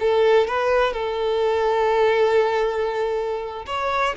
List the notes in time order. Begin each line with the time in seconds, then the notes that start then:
0.00 A4
0.48 B4
0.93 A4
3.66 C#5